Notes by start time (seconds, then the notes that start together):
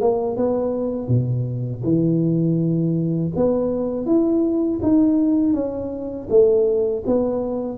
0.00 A#3
0.36 B3
1.08 B2
1.84 E3
3.36 B3
4.05 E4
4.82 D#4
5.53 C#4
6.29 A3
7.06 B3